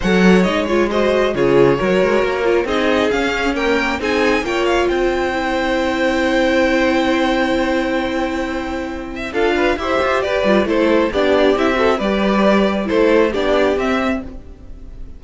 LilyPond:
<<
  \new Staff \with { instrumentName = "violin" } { \time 4/4 \tempo 4 = 135 fis''4 dis''8 cis''8 dis''4 cis''4~ | cis''2 dis''4 f''4 | g''4 gis''4 g''8 f''8 g''4~ | g''1~ |
g''1~ | g''4 f''4 e''4 d''4 | c''4 d''4 e''4 d''4~ | d''4 c''4 d''4 e''4 | }
  \new Staff \with { instrumentName = "violin" } { \time 4/4 cis''2 c''4 gis'4 | ais'2 gis'2 | ais'4 gis'4 cis''4 c''4~ | c''1~ |
c''1~ | c''8 e''8 a'8 b'8 c''4 b'4 | a'4 g'4. a'8 b'4~ | b'4 a'4 g'2 | }
  \new Staff \with { instrumentName = "viola" } { \time 4/4 a'4 dis'8 f'8 fis'4 f'4 | fis'4. f'8 dis'4 cis'4 | ais4 dis'4 f'2 | e'1~ |
e'1~ | e'4 f'4 g'4. f'8 | e'4 d'4 e'8 fis'8 g'4~ | g'4 e'4 d'4 c'4 | }
  \new Staff \with { instrumentName = "cello" } { \time 4/4 fis4 gis2 cis4 | fis8 gis8 ais4 c'4 cis'4~ | cis'4 c'4 ais4 c'4~ | c'1~ |
c'1~ | c'4 d'4 e'8 f'8 g'8 g8 | a4 b4 c'4 g4~ | g4 a4 b4 c'4 | }
>>